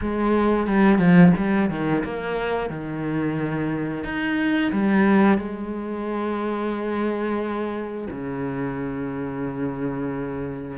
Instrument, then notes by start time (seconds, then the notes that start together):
cello
0.01 G#3
0.66 G3
0.98 F3
1.37 G3
1.69 D#3
2.04 A#3
2.69 D#3
4.04 D#4
4.72 G3
5.38 G#3
8.10 C#3